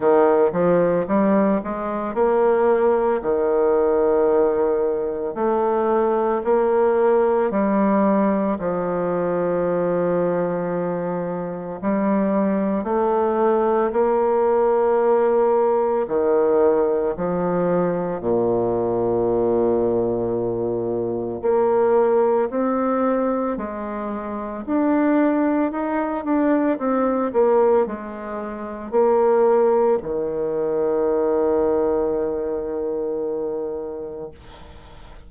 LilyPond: \new Staff \with { instrumentName = "bassoon" } { \time 4/4 \tempo 4 = 56 dis8 f8 g8 gis8 ais4 dis4~ | dis4 a4 ais4 g4 | f2. g4 | a4 ais2 dis4 |
f4 ais,2. | ais4 c'4 gis4 d'4 | dis'8 d'8 c'8 ais8 gis4 ais4 | dis1 | }